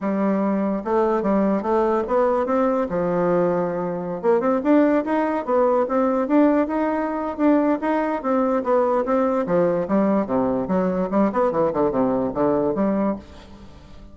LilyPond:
\new Staff \with { instrumentName = "bassoon" } { \time 4/4 \tempo 4 = 146 g2 a4 g4 | a4 b4 c'4 f4~ | f2~ f16 ais8 c'8 d'8.~ | d'16 dis'4 b4 c'4 d'8.~ |
d'16 dis'4.~ dis'16 d'4 dis'4 | c'4 b4 c'4 f4 | g4 c4 fis4 g8 b8 | e8 d8 c4 d4 g4 | }